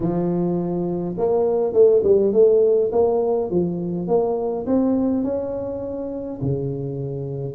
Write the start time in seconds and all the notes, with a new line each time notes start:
0.00 F3
1.17 A#3
1.73 A3
2.03 G3
2.32 A3
2.92 A#3
3.50 F3
4.07 A#3
4.66 C4
5.23 C#4
6.41 C#3